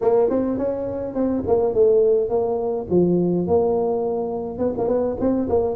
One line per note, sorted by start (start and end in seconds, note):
0.01 0.29 A#3
0.29 0.57 C4
0.57 1.14 C#4
1.14 1.43 C4
1.47 1.73 A#3
1.73 2.29 A3
2.29 2.87 A#3
2.90 3.47 F3
3.47 4.58 A#3
4.58 4.73 B3
4.77 4.87 A#3
4.87 5.16 B3
5.20 5.49 C4
5.49 5.75 A#3